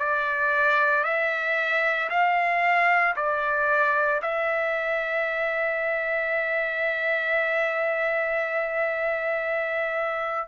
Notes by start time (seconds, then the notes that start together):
0.00 D5
1.04 E5
2.10 F5
3.16 D5
4.22 E5